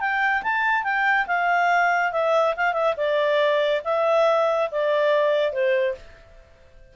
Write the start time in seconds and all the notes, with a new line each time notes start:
0.00 G5
0.43 A5
0.84 G5
1.27 F5
2.12 E5
2.56 F5
2.73 E5
2.97 D5
3.85 E5
4.71 D5
5.52 C5